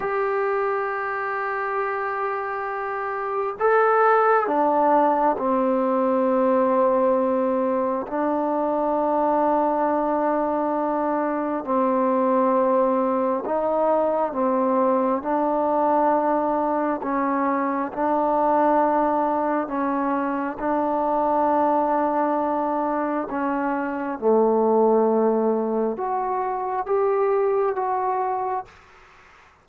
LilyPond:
\new Staff \with { instrumentName = "trombone" } { \time 4/4 \tempo 4 = 67 g'1 | a'4 d'4 c'2~ | c'4 d'2.~ | d'4 c'2 dis'4 |
c'4 d'2 cis'4 | d'2 cis'4 d'4~ | d'2 cis'4 a4~ | a4 fis'4 g'4 fis'4 | }